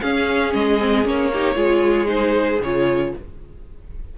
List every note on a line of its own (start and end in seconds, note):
0.00 0.80 C#4
0.00 0.54 C#4
0.00 1.30 G#4
0.00 0.53 F5
0.53 1.05 G#3
0.53 1.06 D#5
0.80 1.03 C4
1.03 1.55 A#3
1.03 1.30 C#4
1.03 2.08 C#5
1.32 1.55 D#4
1.32 1.56 G4
1.55 2.60 G#3
1.55 2.06 F4
1.55 3.13 G#4
2.06 2.58 D#4
2.06 2.60 C5
2.60 3.12 C#3
2.60 3.17 F4
2.60 3.15 C#5